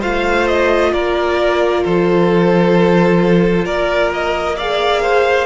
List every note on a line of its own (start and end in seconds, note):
0.00 0.93 A3
0.00 4.55 F4
0.00 0.91 C5
0.00 0.47 F5
0.47 0.92 D#5
0.92 1.84 A#3
0.92 1.83 A#4
0.92 1.83 D5
1.83 3.65 F3
1.83 3.65 A4
1.83 3.66 C5
3.65 5.46 A#3
3.65 4.55 A#4
3.65 4.11 D5
4.13 4.58 D#5
4.56 5.46 G#4
4.56 5.01 D5
4.56 5.46 F5
5.02 5.46 C5